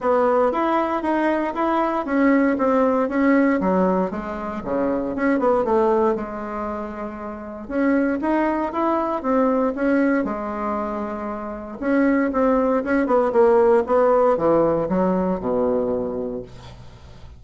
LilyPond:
\new Staff \with { instrumentName = "bassoon" } { \time 4/4 \tempo 4 = 117 b4 e'4 dis'4 e'4 | cis'4 c'4 cis'4 fis4 | gis4 cis4 cis'8 b8 a4 | gis2. cis'4 |
dis'4 e'4 c'4 cis'4 | gis2. cis'4 | c'4 cis'8 b8 ais4 b4 | e4 fis4 b,2 | }